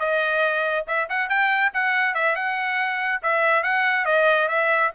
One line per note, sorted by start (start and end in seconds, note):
0.00 0.86 D#5
0.88 1.09 E5
1.09 1.29 F#5
1.29 1.72 G5
1.74 2.15 F#5
2.15 2.36 E5
2.36 3.22 F#5
3.23 3.64 E5
3.64 4.06 F#5
4.06 4.48 D#5
4.49 4.91 E5